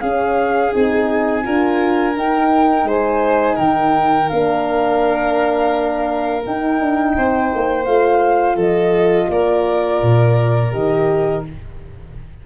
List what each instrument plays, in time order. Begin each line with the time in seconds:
0.00 horn C#4, tuba C#4, violin G#4, flute F5
0.72 tuba C4, horn D#4, flute G#5
1.43 tuba D4, horn F4, violin A#4
2.17 horn D#4, tuba D#4, flute G5
2.83 tuba G#3, violin C5
2.90 flute G#5
3.55 tuba D#3, violin A#4, flute G5
4.28 tuba A#3, horn D4, flute F5
6.45 horn D#4, tuba D#4, flute G5
6.80 tuba D4
7.17 tuba C4, violin C5
7.54 tuba A#3
7.85 tuba A3, horn F4, flute F5
8.55 tuba F3, violin A4, flute D#5
9.29 tuba A#3, violin A#4, flute D5
10.02 tuba A#2
10.71 tuba D#3, horn G4, flute D#5